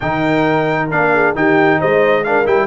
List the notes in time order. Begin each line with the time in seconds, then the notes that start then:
0.00 D#3 D#4 A#4 G5
0.90 A#3 D4 F5
1.14 G#4
1.35 D#3 D#4 G4 G5
1.79 G#3 C5 D#5
2.24 D4 A#4 F5
2.45 G3 E4 G5